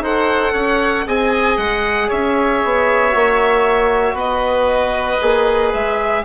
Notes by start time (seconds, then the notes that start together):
0.00 D#4 A4 C5 F#5
0.53 C#4 C#5
1.07 C4 G#4 D#5 G#5
1.58 G#3 F#5
2.08 C#4 C#5 E5
2.64 B3
3.11 A#3 F#4
4.14 B3 B4 D#5
5.21 A#3 G#4
5.74 G#3 E5